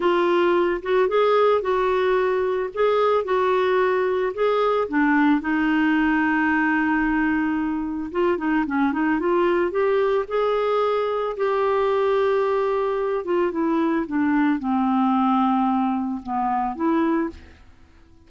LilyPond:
\new Staff \with { instrumentName = "clarinet" } { \time 4/4 \tempo 4 = 111 f'4. fis'8 gis'4 fis'4~ | fis'4 gis'4 fis'2 | gis'4 d'4 dis'2~ | dis'2. f'8 dis'8 |
cis'8 dis'8 f'4 g'4 gis'4~ | gis'4 g'2.~ | g'8 f'8 e'4 d'4 c'4~ | c'2 b4 e'4 | }